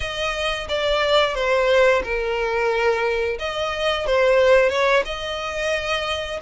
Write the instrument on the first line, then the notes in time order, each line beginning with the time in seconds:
violin
0.00 D#5
0.68 D5
1.35 C5
2.03 A#4
3.39 D#5
4.06 C5
4.69 C#5
5.05 D#5